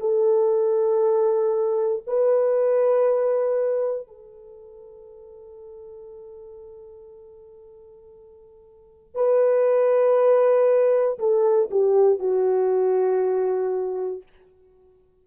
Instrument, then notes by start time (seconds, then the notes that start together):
horn
0.00 A4
2.07 B4
4.07 A4
9.15 B4
11.19 A4
11.71 G4
12.19 F#4